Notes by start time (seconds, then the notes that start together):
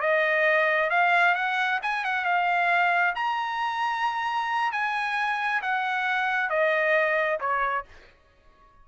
0.00 D#5
0.90 F5
1.35 F#5
1.82 G#5
2.04 F#5
2.24 F5
3.15 A#5
4.72 G#5
5.62 F#5
6.49 D#5
7.40 C#5